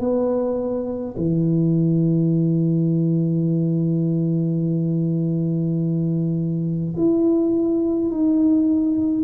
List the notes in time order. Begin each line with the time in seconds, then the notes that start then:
0.00 B3
1.17 E3
6.97 E4
8.11 D#4